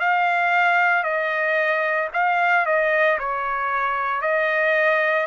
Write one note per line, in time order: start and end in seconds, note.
0.00 1.04 F5
1.04 2.09 D#5
2.13 2.66 F5
2.66 3.19 D#5
3.19 4.22 C#5
4.22 5.27 D#5